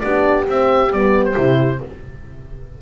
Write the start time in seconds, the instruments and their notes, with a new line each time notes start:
0.00 double bass B3, horn D4 G4, oboe D5
0.48 double bass C4, horn C4, oboe E5
0.91 double bass G3, horn B3, oboe D5
1.25 oboe C5
1.36 double bass C3, horn E4